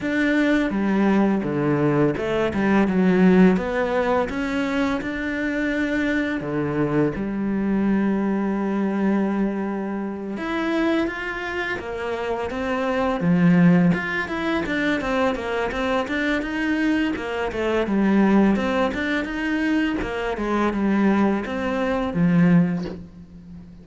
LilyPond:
\new Staff \with { instrumentName = "cello" } { \time 4/4 \tempo 4 = 84 d'4 g4 d4 a8 g8 | fis4 b4 cis'4 d'4~ | d'4 d4 g2~ | g2~ g8 e'4 f'8~ |
f'8 ais4 c'4 f4 f'8 | e'8 d'8 c'8 ais8 c'8 d'8 dis'4 | ais8 a8 g4 c'8 d'8 dis'4 | ais8 gis8 g4 c'4 f4 | }